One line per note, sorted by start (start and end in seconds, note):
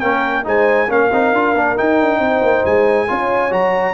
0.00 0.46 A#3
0.00 0.44 C#4
0.00 0.45 A#4
0.00 0.44 G5
0.44 0.89 G#3
0.44 0.88 D#4
0.44 0.88 C5
0.44 0.91 G#5
0.88 1.11 A#3
0.88 1.11 C#4
0.88 2.20 A#4
0.88 1.78 F5
1.12 1.33 C4
1.12 1.35 D#4
1.33 1.54 D4
1.33 1.56 F4
1.55 1.77 A#3
1.55 1.76 D4
1.76 3.08 D#4
1.76 2.00 D#4
1.76 2.65 G5
2.00 2.19 D4
2.19 2.41 C4
2.19 3.07 C5
2.42 2.64 A#3
2.65 3.10 G#3
2.65 3.53 G#5
3.08 3.51 C#4
3.08 3.51 F4
3.08 3.94 C#5
3.51 3.94 F#3
3.51 3.94 F#4
3.51 3.94 A#5